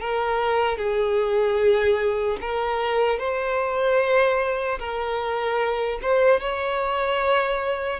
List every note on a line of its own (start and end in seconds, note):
0.00 0.77 A#4
0.77 2.37 G#4
2.40 3.18 A#4
3.18 4.78 C5
4.79 5.99 A#4
6.01 6.40 C5
6.40 8.00 C#5